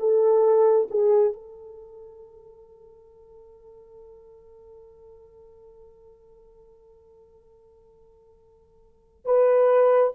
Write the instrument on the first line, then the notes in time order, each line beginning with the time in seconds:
horn
0.00 A4
0.91 G#4
1.34 A4
9.25 B4